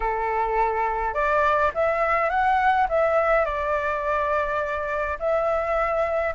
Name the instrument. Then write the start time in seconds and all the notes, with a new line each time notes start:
flute
0.00 A4
1.14 D5
1.74 E5
2.29 F#5
2.88 E5
3.45 D5
5.19 E5